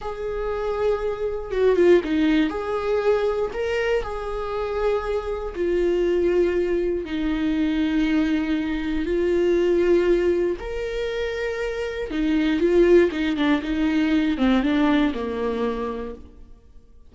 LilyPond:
\new Staff \with { instrumentName = "viola" } { \time 4/4 \tempo 4 = 119 gis'2. fis'8 f'8 | dis'4 gis'2 ais'4 | gis'2. f'4~ | f'2 dis'2~ |
dis'2 f'2~ | f'4 ais'2. | dis'4 f'4 dis'8 d'8 dis'4~ | dis'8 c'8 d'4 ais2 | }